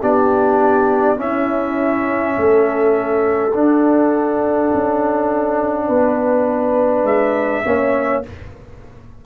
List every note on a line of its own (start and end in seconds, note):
0.00 1.19 B3
0.00 1.16 D4
0.00 1.18 G4
0.00 1.20 D5
1.16 3.51 C#4
1.16 2.37 C#4
1.16 2.36 E4
1.16 3.55 E5
2.37 3.54 A3
2.37 5.87 A4
3.54 4.72 D4
3.54 7.64 D4
3.54 7.05 F#5
4.73 5.88 C#4
5.87 7.03 B3
5.87 7.63 B4
7.03 7.62 G#3
7.03 8.23 E5
7.64 8.24 A#3
7.64 8.23 C#4
7.64 8.25 C#5